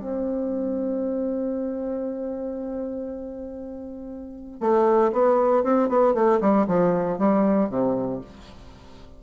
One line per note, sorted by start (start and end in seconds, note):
0.00 4.61 C4
4.61 5.12 A3
5.13 5.64 B3
5.64 5.89 C4
5.89 6.14 B3
6.14 6.40 A3
6.41 6.67 G3
6.67 7.19 F3
7.19 7.70 G3
7.70 8.21 C3